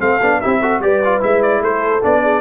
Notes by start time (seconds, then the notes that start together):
0.00 A3 C4 A4 F5
0.22 B3 D4
0.41 C4 E4 G4 E5
0.61 F#4 A4
0.80 G3 G4 B4 D5
1.05 F4
1.21 G#3 E4 E5
1.43 D5
1.61 A3 A4 C5
2.03 B3 D4 D5
2.23 G#4